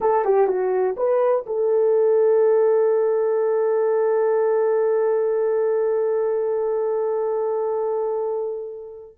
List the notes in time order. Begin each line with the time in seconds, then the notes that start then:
0.00 A4
0.24 G4
0.47 F#4
0.96 B4
1.46 A4